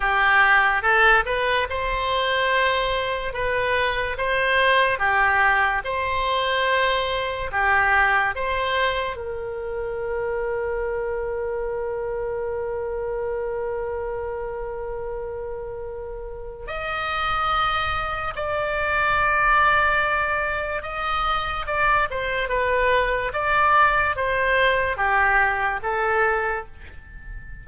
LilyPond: \new Staff \with { instrumentName = "oboe" } { \time 4/4 \tempo 4 = 72 g'4 a'8 b'8 c''2 | b'4 c''4 g'4 c''4~ | c''4 g'4 c''4 ais'4~ | ais'1~ |
ais'1 | dis''2 d''2~ | d''4 dis''4 d''8 c''8 b'4 | d''4 c''4 g'4 a'4 | }